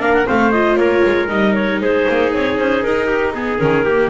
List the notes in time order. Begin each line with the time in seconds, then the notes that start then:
0.00 A#3 D4 A#4 F5
0.14 F#5
0.26 A3 C4 C5 F5
0.52 F4 D#5
0.76 A#3 A#4 C#5
1.05 G#3
1.28 G3 D#4 D#5
1.54 C#5
1.81 G#3 G#4 C5
2.09 A#3
2.34 C4 C#5
2.58 C#4 C5
2.84 D#4 A#4
3.07 G4
3.33 B3 G#4
3.59 D#3 C#4 A#4
3.85 A#3 G4